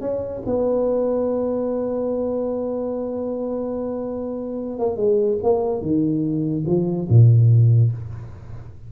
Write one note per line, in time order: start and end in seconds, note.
0.00 0.41 C#4
0.45 4.79 B3
4.79 4.96 A#3
4.96 5.37 G#3
5.42 5.81 A#3
5.81 6.64 D#3
6.66 7.07 F3
7.09 7.91 A#2